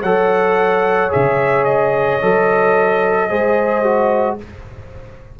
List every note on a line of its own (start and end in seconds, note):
0.00 1.11 F#3
0.00 1.09 A4
0.00 3.27 C#5
0.00 1.11 F#5
1.09 2.22 C#3
1.09 2.18 G#4
1.09 1.64 E5
1.64 4.37 D#5
2.21 3.30 F#3
2.21 3.29 A4
3.28 4.39 G#3
3.28 3.83 G#4
3.28 4.37 C5
3.83 4.38 F#4